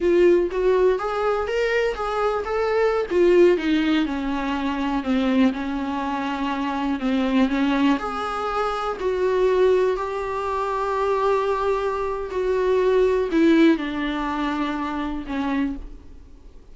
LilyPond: \new Staff \with { instrumentName = "viola" } { \time 4/4 \tempo 4 = 122 f'4 fis'4 gis'4 ais'4 | gis'4 a'4~ a'16 f'4 dis'8.~ | dis'16 cis'2 c'4 cis'8.~ | cis'2~ cis'16 c'4 cis'8.~ |
cis'16 gis'2 fis'4.~ fis'16~ | fis'16 g'2.~ g'8.~ | g'4 fis'2 e'4 | d'2. cis'4 | }